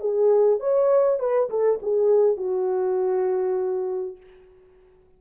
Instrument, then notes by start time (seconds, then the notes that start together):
horn
0.00 G#4
0.60 C#5
1.19 B4
1.50 A4
1.82 G#4
2.37 F#4